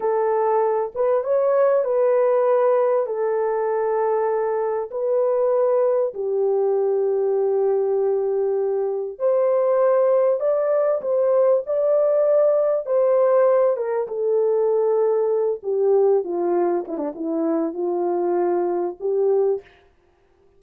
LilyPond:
\new Staff \with { instrumentName = "horn" } { \time 4/4 \tempo 4 = 98 a'4. b'8 cis''4 b'4~ | b'4 a'2. | b'2 g'2~ | g'2. c''4~ |
c''4 d''4 c''4 d''4~ | d''4 c''4. ais'8 a'4~ | a'4. g'4 f'4 e'16 d'16 | e'4 f'2 g'4 | }